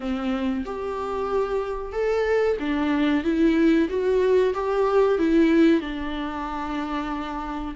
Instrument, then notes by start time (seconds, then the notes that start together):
viola
0.00 C4
0.65 G4
1.92 A4
2.59 D4
3.24 E4
3.89 F#4
4.54 G4
5.18 E4
5.80 D4